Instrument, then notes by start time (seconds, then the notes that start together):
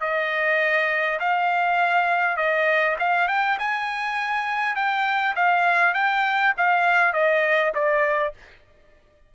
trumpet
0.00 D#5
1.19 F5
2.37 D#5
2.99 F5
3.28 G5
3.58 G#5
4.75 G5
5.35 F5
5.94 G5
6.57 F5
7.13 D#5
7.74 D5